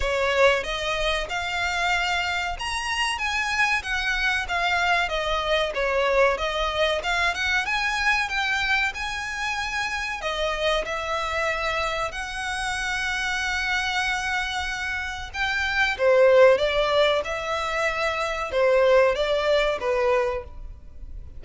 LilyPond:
\new Staff \with { instrumentName = "violin" } { \time 4/4 \tempo 4 = 94 cis''4 dis''4 f''2 | ais''4 gis''4 fis''4 f''4 | dis''4 cis''4 dis''4 f''8 fis''8 | gis''4 g''4 gis''2 |
dis''4 e''2 fis''4~ | fis''1 | g''4 c''4 d''4 e''4~ | e''4 c''4 d''4 b'4 | }